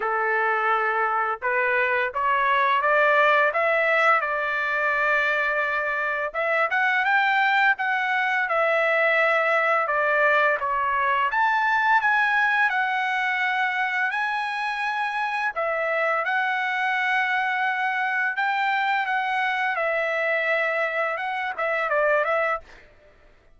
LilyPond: \new Staff \with { instrumentName = "trumpet" } { \time 4/4 \tempo 4 = 85 a'2 b'4 cis''4 | d''4 e''4 d''2~ | d''4 e''8 fis''8 g''4 fis''4 | e''2 d''4 cis''4 |
a''4 gis''4 fis''2 | gis''2 e''4 fis''4~ | fis''2 g''4 fis''4 | e''2 fis''8 e''8 d''8 e''8 | }